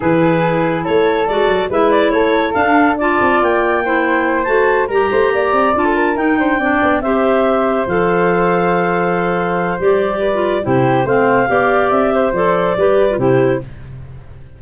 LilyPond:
<<
  \new Staff \with { instrumentName = "clarinet" } { \time 4/4 \tempo 4 = 141 b'2 cis''4 d''4 | e''8 d''8 cis''4 f''4 a''4 | g''2~ g''8 a''4 ais''8~ | ais''4. a''4 g''4.~ |
g''8 e''2 f''4.~ | f''2. d''4~ | d''4 c''4 f''2 | e''4 d''2 c''4 | }
  \new Staff \with { instrumentName = "flute" } { \time 4/4 gis'2 a'2 | b'4 a'2 d''4~ | d''4 c''2~ c''8 ais'8 | c''8 d''4~ d''16 a'16 ais'4 c''8 d''8~ |
d''8 c''2.~ c''8~ | c''1 | b'4 g'4 c''4 d''4~ | d''8 c''4. b'4 g'4 | }
  \new Staff \with { instrumentName = "clarinet" } { \time 4/4 e'2. fis'4 | e'2 d'4 f'4~ | f'4 e'4. fis'4 g'8~ | g'4. f'4 dis'4 d'8~ |
d'8 g'2 a'4.~ | a'2. g'4~ | g'16 f'8. e'4 c'4 g'4~ | g'4 a'4 g'8. f'16 e'4 | }
  \new Staff \with { instrumentName = "tuba" } { \time 4/4 e2 a4 gis8 fis8 | gis4 a4 d'4. c'8 | ais2~ ais8 a4 g8 | a8 ais8 c'8 d'4 dis'8 d'8 c'8 |
b8 c'2 f4.~ | f2. g4~ | g4 c4 a4 b4 | c'4 f4 g4 c4 | }
>>